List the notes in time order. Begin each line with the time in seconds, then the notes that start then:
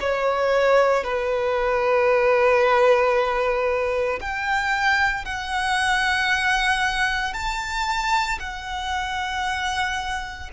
0.00 C#5
1.03 B4
4.21 G5
5.25 F#5
7.33 A5
8.40 F#5